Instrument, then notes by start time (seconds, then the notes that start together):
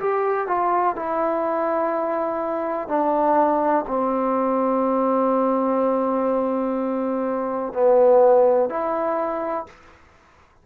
trombone
0.00 G4
0.48 F4
0.96 E4
2.89 D4
3.88 C4
7.73 B3
8.70 E4